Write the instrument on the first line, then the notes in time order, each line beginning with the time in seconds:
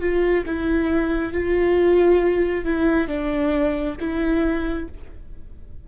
viola
0.00 F4
0.46 E4
1.32 F4
2.65 E4
3.07 D4
4.00 E4